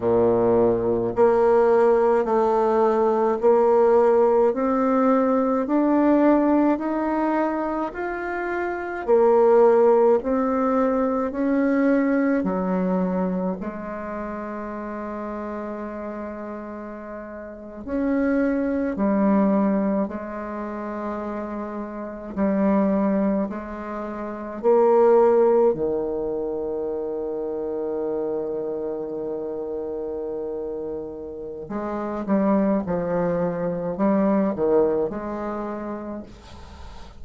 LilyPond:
\new Staff \with { instrumentName = "bassoon" } { \time 4/4 \tempo 4 = 53 ais,4 ais4 a4 ais4 | c'4 d'4 dis'4 f'4 | ais4 c'4 cis'4 fis4 | gis2.~ gis8. cis'16~ |
cis'8. g4 gis2 g16~ | g8. gis4 ais4 dis4~ dis16~ | dis1 | gis8 g8 f4 g8 dis8 gis4 | }